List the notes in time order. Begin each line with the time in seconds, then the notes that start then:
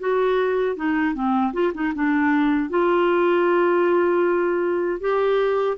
0.00 F#4
0.77 D#4
1.15 C4
1.53 F4
1.74 D#4
1.95 D4
2.70 F4
5.01 G4